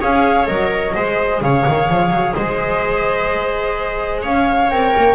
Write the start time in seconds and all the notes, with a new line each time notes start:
0.00 C#4 G#4 C#5 F5
0.46 F#3 A#4 D#5
0.96 G#3 G#4 C5
1.41 C#3 C#5 F5
1.68 D#3
1.89 F3
2.10 F#3
2.34 G#3 C5 D#5
4.22 C#4 C#5 F5
4.70 C4 A#4 G5
4.97 A#3